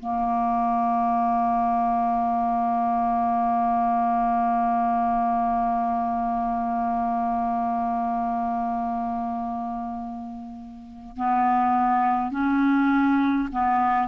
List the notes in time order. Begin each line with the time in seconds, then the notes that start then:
0.00 A#3
11.17 B3
12.32 C#4
13.52 B3